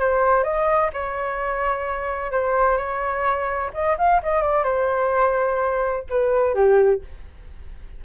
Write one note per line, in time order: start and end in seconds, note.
0.00 0.43 C5
0.43 0.90 D#5
0.93 2.31 C#5
2.31 2.77 C5
2.77 3.71 C#5
3.74 3.97 D#5
3.98 4.21 F5
4.23 4.42 D#5
4.42 4.64 D5
4.64 6.04 C5
6.10 6.54 B4
6.54 7.01 G4